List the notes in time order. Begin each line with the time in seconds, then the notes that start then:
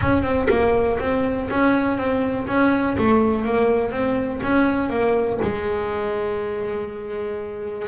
0.01 C#4
0.23 C4
0.49 A#3
0.99 C4
1.50 C#4
1.97 C4
2.47 C#4
2.97 A3
3.45 A#3
3.91 C4
4.43 C#4
4.89 A#3
5.42 G#3